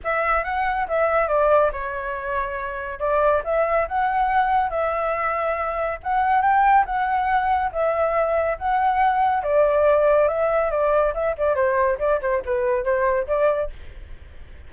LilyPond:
\new Staff \with { instrumentName = "flute" } { \time 4/4 \tempo 4 = 140 e''4 fis''4 e''4 d''4 | cis''2. d''4 | e''4 fis''2 e''4~ | e''2 fis''4 g''4 |
fis''2 e''2 | fis''2 d''2 | e''4 d''4 e''8 d''8 c''4 | d''8 c''8 b'4 c''4 d''4 | }